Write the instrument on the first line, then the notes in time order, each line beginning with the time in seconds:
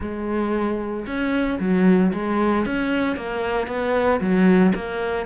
cello
0.00 G#3
1.06 C#4
1.59 F#3
2.13 G#3
2.65 C#4
3.16 A#3
3.67 B3
4.20 F#3
4.74 A#3